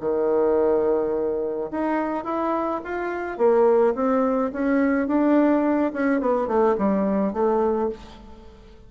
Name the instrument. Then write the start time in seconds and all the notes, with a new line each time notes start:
bassoon
0.00 D#3
1.71 D#4
2.24 E4
2.84 F4
3.38 A#3
3.94 C4
4.52 C#4
5.07 D4
5.93 C#4
6.21 B3
6.47 A3
6.77 G3
7.33 A3